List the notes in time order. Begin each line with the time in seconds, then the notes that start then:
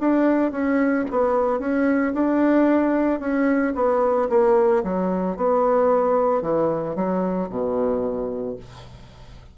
0.00 D4
0.52 C#4
1.11 B3
1.60 C#4
2.14 D4
3.20 C#4
3.75 B3
4.30 A#3
4.84 F#3
5.37 B3
6.42 E3
6.95 F#3
7.50 B2